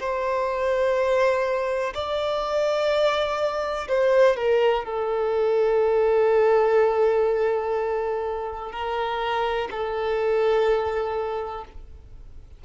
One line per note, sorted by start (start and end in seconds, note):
0.00 1.94 C5
1.94 3.88 D5
3.88 4.36 C5
4.36 4.85 A#4
4.85 8.72 A4
8.72 9.69 A#4
9.71 11.65 A4